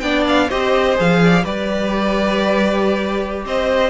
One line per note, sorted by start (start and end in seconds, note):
0.00 0.49 B3
0.00 0.49 D4
0.00 0.49 D5
0.00 0.24 G5
0.27 0.50 F5
0.49 0.99 C4
0.49 0.96 G4
0.49 1.20 C5
0.49 0.97 D#5
0.96 1.44 F3
0.96 1.43 G#4
0.96 1.45 F5
1.24 1.44 D5
1.44 3.45 G3
1.44 3.90 G4
1.44 3.45 B4
1.44 3.46 D5
3.45 3.90 C4
3.45 3.90 C5
3.45 3.90 D#5